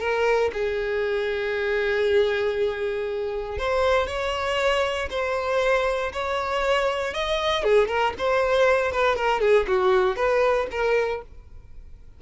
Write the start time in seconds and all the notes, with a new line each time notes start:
0.00 A#4
0.53 G#4
3.58 C5
4.07 C#5
5.10 C5
6.12 C#5
7.14 D#5
7.64 G#4
7.88 A#4
8.18 C5
8.92 B4
9.16 A#4
9.41 G#4
9.67 F#4
10.16 B4
10.71 A#4